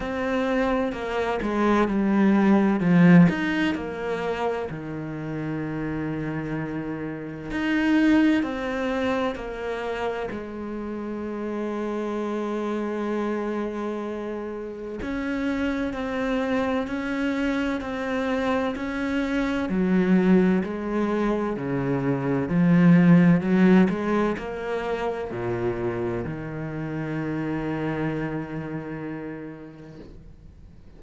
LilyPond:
\new Staff \with { instrumentName = "cello" } { \time 4/4 \tempo 4 = 64 c'4 ais8 gis8 g4 f8 dis'8 | ais4 dis2. | dis'4 c'4 ais4 gis4~ | gis1 |
cis'4 c'4 cis'4 c'4 | cis'4 fis4 gis4 cis4 | f4 fis8 gis8 ais4 ais,4 | dis1 | }